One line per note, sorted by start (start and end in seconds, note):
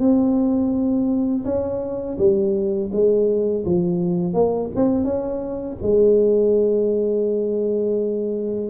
0.00 1.45 C4
1.45 2.17 C#4
2.18 2.90 G3
2.92 3.65 G#3
3.66 4.34 F3
4.34 4.70 A#3
4.76 5.05 C4
5.05 5.77 C#4
5.82 8.70 G#3